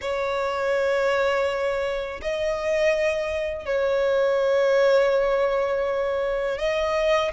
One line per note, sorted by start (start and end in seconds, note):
0.01 2.20 C#5
2.21 3.66 D#5
3.66 6.58 C#5
6.58 7.31 D#5